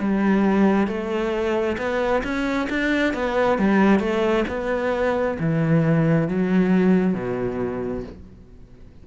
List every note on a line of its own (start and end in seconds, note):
0.00 0.87 G3
0.87 1.77 A3
1.77 2.22 B3
2.23 2.68 C#4
2.69 3.13 D4
3.13 3.58 B3
3.58 3.99 G3
3.99 4.44 A3
4.48 5.37 B3
5.39 6.28 E3
6.28 7.14 F#3
7.14 8.04 B2